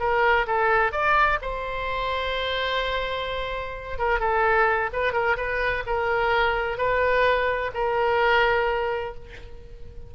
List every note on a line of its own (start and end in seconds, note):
0.00 0.47 A#4
0.47 0.92 A4
0.92 1.39 D5
1.42 3.99 C5
3.99 4.20 A#4
4.20 4.90 A4
4.93 5.13 B4
5.13 5.37 A#4
5.37 5.84 B4
5.87 6.78 A#4
6.78 7.72 B4
7.75 9.15 A#4